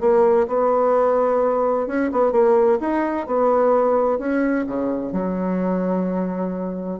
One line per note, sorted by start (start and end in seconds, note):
0.00 0.47 A#3
0.47 1.87 B3
1.87 2.10 C#4
2.12 2.31 B3
2.31 2.78 A#3
2.80 3.26 D#4
3.26 4.18 B3
4.18 4.65 C#4
4.67 5.12 C#3
5.12 6.99 F#3